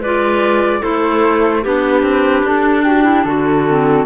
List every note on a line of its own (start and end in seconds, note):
0.00 0.82 G#3
0.00 0.81 F4
0.00 0.80 B4
0.00 0.83 D5
0.80 1.65 A3
0.80 1.62 E4
0.80 1.61 A4
0.80 1.64 C5
1.62 2.03 B3
1.62 3.68 D4
1.62 2.84 G4
1.62 2.47 B4
2.03 2.43 C4
2.43 3.24 D4
2.43 2.84 A4
2.84 3.03 F#4
2.84 3.24 G4
3.03 3.24 E4
3.24 4.06 D3
3.24 4.06 F#4
3.24 4.05 A4
3.68 4.06 C4